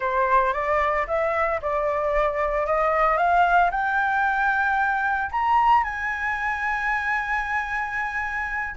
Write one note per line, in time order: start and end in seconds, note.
0.00 0.53 C5
0.53 1.06 D5
1.07 1.60 E5
1.61 2.66 D5
2.66 3.17 D#5
3.17 3.70 F5
3.70 5.30 G5
5.31 5.83 A#5
5.83 8.75 G#5